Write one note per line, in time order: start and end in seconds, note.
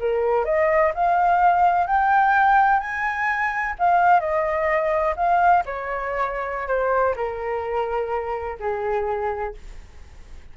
0.00 0.45 A#4
0.45 0.92 D#5
0.94 1.87 F5
1.87 2.80 G5
2.80 3.75 G#5
3.79 4.20 F5
4.20 5.15 D#5
5.16 5.63 F5
5.66 6.68 C#5
6.68 7.15 C5
7.16 8.58 A#4
8.60 9.54 G#4